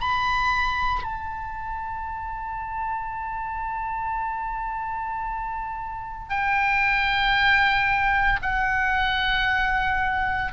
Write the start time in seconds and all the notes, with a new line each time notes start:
0.00 B5
1.03 A5
6.29 G5
8.42 F#5